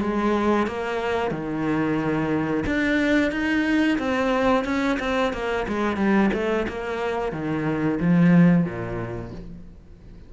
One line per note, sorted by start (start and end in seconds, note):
0.00 0.67 G#3
0.67 1.31 A#3
1.31 2.64 D#3
2.66 3.31 D4
3.31 3.98 D#4
3.98 4.64 C4
4.64 4.98 C#4
4.99 5.32 C4
5.33 5.66 A#3
5.68 5.96 G#3
5.96 6.30 G3
6.33 6.66 A3
6.68 7.32 A#3
7.32 7.99 D#3
8.00 8.64 F3
8.64 9.31 A#2